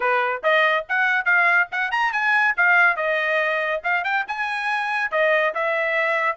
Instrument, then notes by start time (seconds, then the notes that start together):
trumpet
0.00 B4
0.43 D#5
0.88 F#5
1.25 F5
1.71 F#5
1.91 A#5
2.12 G#5
2.56 F5
2.96 D#5
3.83 F5
4.04 G5
4.27 G#5
5.11 D#5
5.54 E5